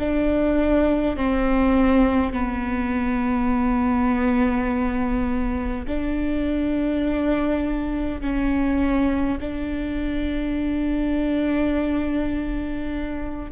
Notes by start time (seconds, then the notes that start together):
0.00 D4
1.17 C4
2.33 B3
5.88 D4
8.21 C#4
9.41 D4